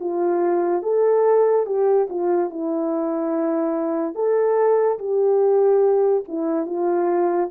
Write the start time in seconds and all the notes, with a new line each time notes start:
0.00 F4
0.83 A4
1.66 G4
2.09 F4
2.50 E4
4.15 A4
4.99 G4
6.28 E4
6.66 F4